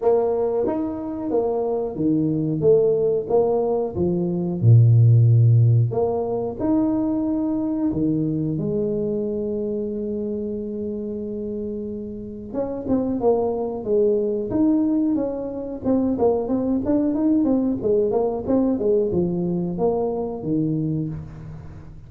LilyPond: \new Staff \with { instrumentName = "tuba" } { \time 4/4 \tempo 4 = 91 ais4 dis'4 ais4 dis4 | a4 ais4 f4 ais,4~ | ais,4 ais4 dis'2 | dis4 gis2.~ |
gis2. cis'8 c'8 | ais4 gis4 dis'4 cis'4 | c'8 ais8 c'8 d'8 dis'8 c'8 gis8 ais8 | c'8 gis8 f4 ais4 dis4 | }